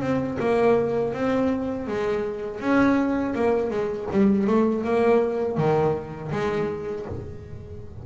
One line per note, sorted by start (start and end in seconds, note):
0.00 0.37 C4
0.39 1.13 A#3
1.13 1.87 C4
1.87 2.60 G#3
2.60 3.34 C#4
3.35 3.70 A#3
3.70 4.07 G#3
4.11 4.47 G3
4.47 4.84 A3
4.84 5.57 A#3
5.57 6.31 D#3
6.31 7.05 G#3